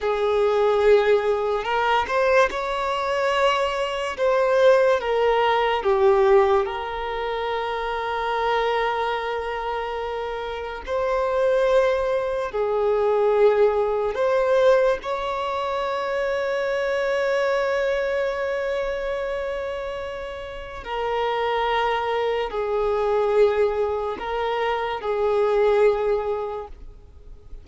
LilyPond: \new Staff \with { instrumentName = "violin" } { \time 4/4 \tempo 4 = 72 gis'2 ais'8 c''8 cis''4~ | cis''4 c''4 ais'4 g'4 | ais'1~ | ais'4 c''2 gis'4~ |
gis'4 c''4 cis''2~ | cis''1~ | cis''4 ais'2 gis'4~ | gis'4 ais'4 gis'2 | }